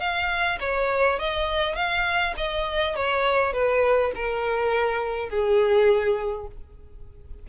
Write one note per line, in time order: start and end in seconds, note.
0.00 0.59 F5
0.60 1.19 C#5
1.19 1.75 D#5
1.75 2.34 F5
2.37 2.96 D#5
2.96 3.53 C#5
3.53 4.12 B4
4.15 5.30 A#4
5.30 6.47 G#4